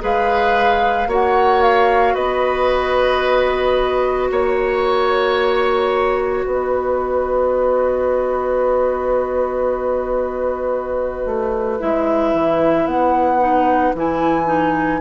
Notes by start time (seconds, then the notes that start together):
0.00 G#3 G#4 B4 F5
1.07 A#3 F#4 C#5 F#5
1.62 F5
2.14 B3 B4 D#5
4.31 A#3 C#5
6.43 B3 B4 D#5
11.26 A3
11.80 G#3 E4 E5
12.33 E3
12.86 B3 F#5
13.40 D#4
13.94 E3 E4 G#5
14.46 D#4